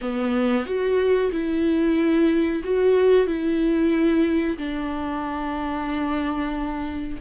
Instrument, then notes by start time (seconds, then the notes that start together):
viola
0.01 B3
0.66 F#4
1.31 E4
2.64 F#4
3.26 E4
4.57 D4